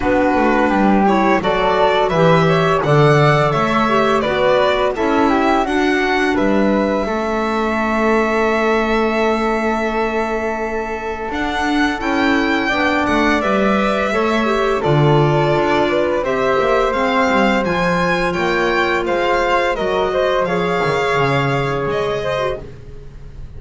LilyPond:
<<
  \new Staff \with { instrumentName = "violin" } { \time 4/4 \tempo 4 = 85 b'4. cis''8 d''4 e''4 | fis''4 e''4 d''4 e''4 | fis''4 e''2.~ | e''1 |
fis''4 g''4. fis''8 e''4~ | e''4 d''2 e''4 | f''4 gis''4 g''4 f''4 | dis''4 f''2 dis''4 | }
  \new Staff \with { instrumentName = "flute" } { \time 4/4 fis'4 g'4 a'4 b'8 cis''8 | d''4 cis''4 b'4 a'8 g'8 | fis'4 b'4 a'2~ | a'1~ |
a'2 d''2 | cis''4 a'4. b'8 c''4~ | c''2 cis''4 c''4 | ais'8 c''8 cis''2~ cis''8 c''8 | }
  \new Staff \with { instrumentName = "clarinet" } { \time 4/4 d'4. e'8 fis'4 g'4 | a'4. g'8 fis'4 e'4 | d'2 cis'2~ | cis'1 |
d'4 e'4 d'4 b'4 | a'8 g'8 f'2 g'4 | c'4 f'2. | fis'4 gis'2~ gis'8. fis'16 | }
  \new Staff \with { instrumentName = "double bass" } { \time 4/4 b8 a8 g4 fis4 e4 | d4 a4 b4 cis'4 | d'4 g4 a2~ | a1 |
d'4 cis'4 b8 a8 g4 | a4 d4 d'4 c'8 ais8 | gis8 g8 f4 ais4 gis4 | fis4 f8 dis8 cis4 gis4 | }
>>